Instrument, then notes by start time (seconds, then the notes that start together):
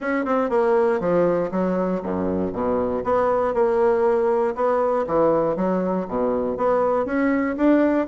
bassoon
0.00 C#4
0.25 C4
0.49 A#3
0.99 F3
1.51 F#3
2.02 F#2
2.52 B2
3.03 B3
3.54 A#3
4.55 B3
5.06 E3
5.56 F#3
6.08 B2
6.57 B3
7.05 C#4
7.56 D4